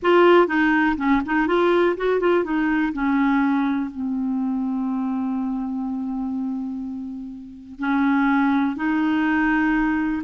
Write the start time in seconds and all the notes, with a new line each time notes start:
0.02 F4
0.47 D#4
0.97 C#4
1.25 D#4
1.47 F4
1.96 F#4
2.20 F4
2.44 D#4
2.93 C#4
3.90 C4
7.79 C#4
8.76 D#4